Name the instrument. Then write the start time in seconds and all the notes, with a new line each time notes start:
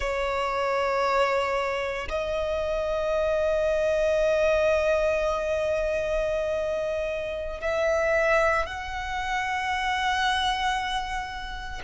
violin
0.00 C#5
2.09 D#5
7.60 E5
8.66 F#5